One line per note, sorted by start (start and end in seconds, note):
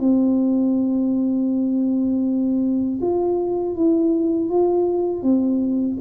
0.00 3.00 C4
3.02 3.76 F4
3.76 4.50 E4
4.50 5.23 F4
5.23 5.98 C4